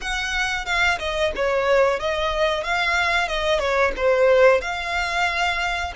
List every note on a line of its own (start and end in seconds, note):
0.01 0.65 F#5
0.65 0.98 F5
0.99 1.32 D#5
1.35 1.99 C#5
1.99 2.63 D#5
2.63 3.28 F5
3.28 3.59 D#5
3.59 3.92 C#5
3.96 4.61 C5
4.61 5.93 F5